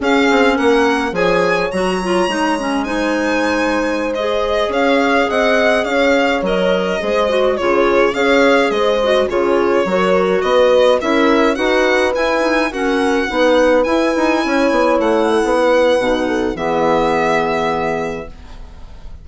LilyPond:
<<
  \new Staff \with { instrumentName = "violin" } { \time 4/4 \tempo 4 = 105 f''4 fis''4 gis''4 ais''4~ | ais''4 gis''2~ gis''16 dis''8.~ | dis''16 f''4 fis''4 f''4 dis''8.~ | dis''4~ dis''16 cis''4 f''4 dis''8.~ |
dis''16 cis''2 dis''4 e''8.~ | e''16 fis''4 gis''4 fis''4.~ fis''16~ | fis''16 gis''2 fis''4.~ fis''16~ | fis''4 e''2. | }
  \new Staff \with { instrumentName = "horn" } { \time 4/4 gis'4 ais'4 cis''2~ | cis''4 c''2.~ | c''16 cis''4 dis''4 cis''4.~ cis''16~ | cis''16 c''4 gis'4 cis''4 c''8.~ |
c''16 gis'4 ais'4 b'4 ais'8.~ | ais'16 b'2 ais'4 b'8.~ | b'4~ b'16 cis''4. a'8 b'8.~ | b'8 a'8 gis'2. | }
  \new Staff \with { instrumentName = "clarinet" } { \time 4/4 cis'2 gis'4 fis'8 f'8 | dis'8 cis'8 dis'2~ dis'16 gis'8.~ | gis'2.~ gis'16 ais'8.~ | ais'16 gis'8 fis'8 f'4 gis'4. fis'16~ |
fis'16 f'4 fis'2 e'8.~ | e'16 fis'4 e'8 dis'8 cis'4 dis'8.~ | dis'16 e'2.~ e'8. | dis'4 b2. | }
  \new Staff \with { instrumentName = "bassoon" } { \time 4/4 cis'8 c'8 ais4 f4 fis4 | gis1~ | gis16 cis'4 c'4 cis'4 fis8.~ | fis16 gis4 cis4 cis'4 gis8.~ |
gis16 cis4 fis4 b4 cis'8.~ | cis'16 dis'4 e'4 fis'4 b8.~ | b16 e'8 dis'8 cis'8 b8 a8. b4 | b,4 e2. | }
>>